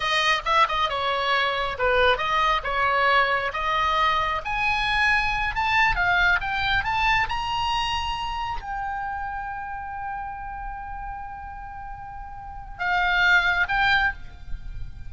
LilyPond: \new Staff \with { instrumentName = "oboe" } { \time 4/4 \tempo 4 = 136 dis''4 e''8 dis''8 cis''2 | b'4 dis''4 cis''2 | dis''2 gis''2~ | gis''8 a''4 f''4 g''4 a''8~ |
a''8 ais''2. g''8~ | g''1~ | g''1~ | g''4 f''2 g''4 | }